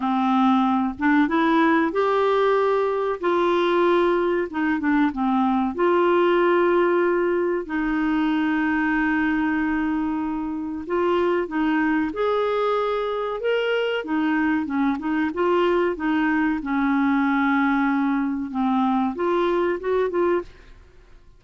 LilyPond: \new Staff \with { instrumentName = "clarinet" } { \time 4/4 \tempo 4 = 94 c'4. d'8 e'4 g'4~ | g'4 f'2 dis'8 d'8 | c'4 f'2. | dis'1~ |
dis'4 f'4 dis'4 gis'4~ | gis'4 ais'4 dis'4 cis'8 dis'8 | f'4 dis'4 cis'2~ | cis'4 c'4 f'4 fis'8 f'8 | }